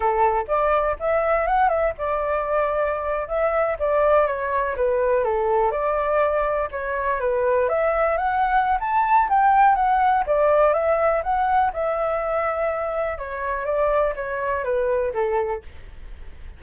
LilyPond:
\new Staff \with { instrumentName = "flute" } { \time 4/4 \tempo 4 = 123 a'4 d''4 e''4 fis''8 e''8 | d''2~ d''8. e''4 d''16~ | d''8. cis''4 b'4 a'4 d''16~ | d''4.~ d''16 cis''4 b'4 e''16~ |
e''8. fis''4~ fis''16 a''4 g''4 | fis''4 d''4 e''4 fis''4 | e''2. cis''4 | d''4 cis''4 b'4 a'4 | }